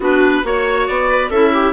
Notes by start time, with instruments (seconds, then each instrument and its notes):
0.00 bassoon B3, clarinet D4, viola F#4, oboe B4
0.43 bassoon A#3, clarinet F#4, oboe C#5, viola C#5
0.87 bassoon B3, oboe D5
1.09 viola B4
1.30 bassoon C#4, clarinet E4, viola A4, oboe E5
1.53 viola G4